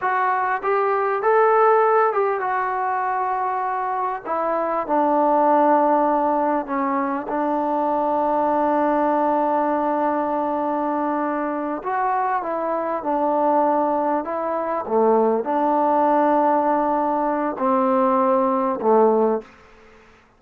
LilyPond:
\new Staff \with { instrumentName = "trombone" } { \time 4/4 \tempo 4 = 99 fis'4 g'4 a'4. g'8 | fis'2. e'4 | d'2. cis'4 | d'1~ |
d'2.~ d'8 fis'8~ | fis'8 e'4 d'2 e'8~ | e'8 a4 d'2~ d'8~ | d'4 c'2 a4 | }